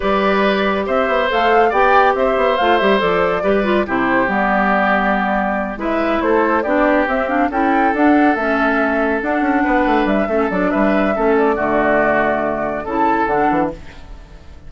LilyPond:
<<
  \new Staff \with { instrumentName = "flute" } { \time 4/4 \tempo 4 = 140 d''2 e''4 f''4 | g''4 e''4 f''8 e''8 d''4~ | d''4 c''4 d''2~ | d''4. e''4 c''4 d''8~ |
d''8 e''8 f''8 g''4 fis''4 e''8~ | e''4. fis''2 e''8~ | e''8 d''8 e''4. d''4.~ | d''2 a''4 fis''4 | }
  \new Staff \with { instrumentName = "oboe" } { \time 4/4 b'2 c''2 | d''4 c''2. | b'4 g'2.~ | g'4. b'4 a'4 g'8~ |
g'4. a'2~ a'8~ | a'2~ a'8 b'4. | a'4 b'4 a'4 fis'4~ | fis'2 a'2 | }
  \new Staff \with { instrumentName = "clarinet" } { \time 4/4 g'2. a'4 | g'2 f'8 g'8 a'4 | g'8 f'8 e'4 b2~ | b4. e'2 d'8~ |
d'8 c'8 d'8 e'4 d'4 cis'8~ | cis'4. d'2~ d'8 | cis'8 d'4. cis'4 a4~ | a2 e'4 d'4 | }
  \new Staff \with { instrumentName = "bassoon" } { \time 4/4 g2 c'8 b8 a4 | b4 c'8 b8 a8 g8 f4 | g4 c4 g2~ | g4. gis4 a4 b8~ |
b8 c'4 cis'4 d'4 a8~ | a4. d'8 cis'8 b8 a8 g8 | a8 fis8 g4 a4 d4~ | d2 cis4 d8 e8 | }
>>